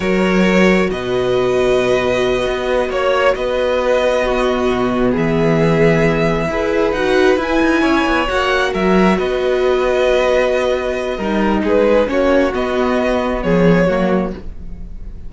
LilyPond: <<
  \new Staff \with { instrumentName = "violin" } { \time 4/4 \tempo 4 = 134 cis''2 dis''2~ | dis''2~ dis''8 cis''4 dis''8~ | dis''2.~ dis''8 e''8~ | e''2.~ e''8 fis''8~ |
fis''8 gis''2 fis''4 e''8~ | e''8 dis''2.~ dis''8~ | dis''2 b'4 cis''4 | dis''2 cis''2 | }
  \new Staff \with { instrumentName = "violin" } { \time 4/4 ais'2 b'2~ | b'2~ b'8 cis''4 b'8~ | b'4. fis'2 gis'8~ | gis'2~ gis'8 b'4.~ |
b'4. cis''2 ais'8~ | ais'8 b'2.~ b'8~ | b'4 ais'4 gis'4 fis'4~ | fis'2 gis'4 fis'4 | }
  \new Staff \with { instrumentName = "viola" } { \time 4/4 fis'1~ | fis'1~ | fis'4. b2~ b8~ | b2~ b8 gis'4 fis'8~ |
fis'8 e'2 fis'4.~ | fis'1~ | fis'4 dis'2 cis'4 | b2. ais4 | }
  \new Staff \with { instrumentName = "cello" } { \time 4/4 fis2 b,2~ | b,4. b4 ais4 b8~ | b2~ b8 b,4 e8~ | e2~ e8 e'4 dis'8~ |
dis'8 e'8 dis'8 cis'8 b8 ais4 fis8~ | fis8 b2.~ b8~ | b4 g4 gis4 ais4 | b2 f4 fis4 | }
>>